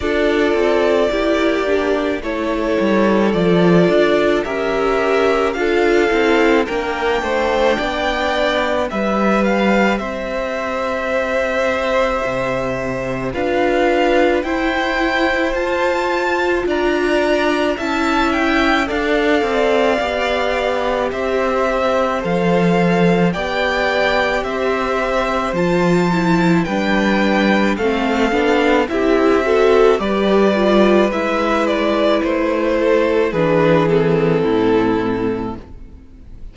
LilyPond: <<
  \new Staff \with { instrumentName = "violin" } { \time 4/4 \tempo 4 = 54 d''2 cis''4 d''4 | e''4 f''4 g''2 | e''8 f''8 e''2. | f''4 g''4 a''4 ais''4 |
a''8 g''8 f''2 e''4 | f''4 g''4 e''4 a''4 | g''4 f''4 e''4 d''4 | e''8 d''8 c''4 b'8 a'4. | }
  \new Staff \with { instrumentName = "violin" } { \time 4/4 a'4 g'4 a'2 | ais'4 a'4 ais'8 c''8 d''4 | b'4 c''2. | b'4 c''2 d''4 |
e''4 d''2 c''4~ | c''4 d''4 c''2 | b'4 a'4 g'8 a'8 b'4~ | b'4. a'8 gis'4 e'4 | }
  \new Staff \with { instrumentName = "viola" } { \time 4/4 f'4 e'8 d'8 e'4 f'4 | g'4 f'8 e'8 d'2 | g'1 | f'4 e'4 f'2 |
e'4 a'4 g'2 | a'4 g'2 f'8 e'8 | d'4 c'8 d'8 e'8 fis'8 g'8 f'8 | e'2 d'8 c'4. | }
  \new Staff \with { instrumentName = "cello" } { \time 4/4 d'8 c'8 ais4 a8 g8 f8 d'8 | cis'4 d'8 c'8 ais8 a8 b4 | g4 c'2 c4 | d'4 e'4 f'4 d'4 |
cis'4 d'8 c'8 b4 c'4 | f4 b4 c'4 f4 | g4 a8 b8 c'4 g4 | gis4 a4 e4 a,4 | }
>>